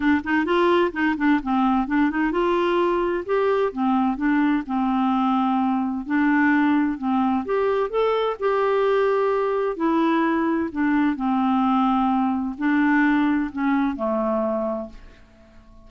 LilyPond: \new Staff \with { instrumentName = "clarinet" } { \time 4/4 \tempo 4 = 129 d'8 dis'8 f'4 dis'8 d'8 c'4 | d'8 dis'8 f'2 g'4 | c'4 d'4 c'2~ | c'4 d'2 c'4 |
g'4 a'4 g'2~ | g'4 e'2 d'4 | c'2. d'4~ | d'4 cis'4 a2 | }